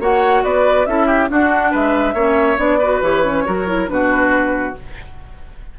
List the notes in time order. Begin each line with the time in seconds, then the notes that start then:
0.00 A#3 F#4 C#5 F#5
0.44 B3 B4 D5
0.86 C#4 E4 A4 E5
1.07 G4
1.29 D4 F#4 F#5
1.71 G#3 B4 E5
2.14 A#3 C#4 C#5
2.57 B3 D4 D5
2.79 F#4 B4
3.02 E3 G4 C#5
3.25 C#4
3.46 F#3 F#4 A#4
3.67 E4
3.88 B2 D4 F#4 B4